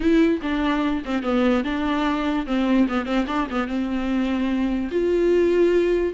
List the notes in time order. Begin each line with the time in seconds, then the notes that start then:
0.00 E4
0.42 D4
1.05 C4
1.22 B3
1.64 D4
2.46 C4
2.88 B3
3.05 C4
3.27 D4
3.50 B3
3.67 C4
4.91 F4